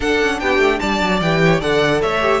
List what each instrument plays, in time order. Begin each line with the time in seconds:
0.00 viola D4, cello D4, violin A4 F#5
0.21 cello C#4
0.39 cello B3, violin G4 G5
0.58 cello A3
0.79 cello G3, violin D5 A5
1.01 cello F#3
1.21 cello E3, viola G4, violin G5
1.44 violin C#5
1.60 cello D3, viola A4, violin D5 F#5
2.01 cello A3, violin C#5 E5
2.21 viola G4